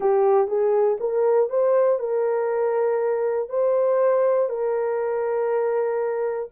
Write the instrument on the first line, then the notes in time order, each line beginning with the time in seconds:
horn
0.00 G4
0.47 G#4
1.00 A#4
1.49 C5
1.99 A#4
3.49 C5
4.49 A#4